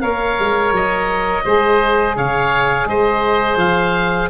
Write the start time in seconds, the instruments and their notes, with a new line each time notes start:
0.00 tuba A#3, saxophone A#4, oboe C#5 F5
0.40 tuba G#3
0.72 tuba F#3, oboe D#5
1.45 tuba G#3, saxophone G#4, oboe C5
2.16 tuba C#3, oboe C#5 F5
2.86 tuba G#3, oboe C5 D#5
3.56 tuba F3, oboe F5